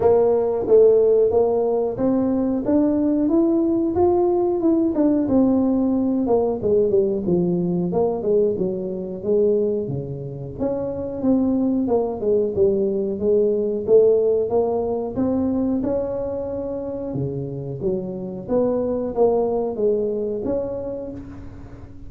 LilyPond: \new Staff \with { instrumentName = "tuba" } { \time 4/4 \tempo 4 = 91 ais4 a4 ais4 c'4 | d'4 e'4 f'4 e'8 d'8 | c'4. ais8 gis8 g8 f4 | ais8 gis8 fis4 gis4 cis4 |
cis'4 c'4 ais8 gis8 g4 | gis4 a4 ais4 c'4 | cis'2 cis4 fis4 | b4 ais4 gis4 cis'4 | }